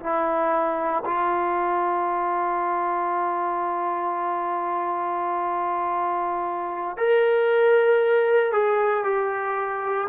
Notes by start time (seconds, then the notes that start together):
0.00 E4
1.05 F4
6.97 A#4
8.53 G#4
9.04 G4